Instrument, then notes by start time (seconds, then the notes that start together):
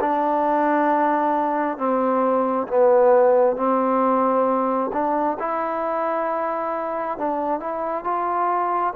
trombone
0.00 D4
1.77 C4
2.67 B3
3.56 C4
4.92 D4
5.39 E4
7.18 D4
7.60 E4
8.04 F4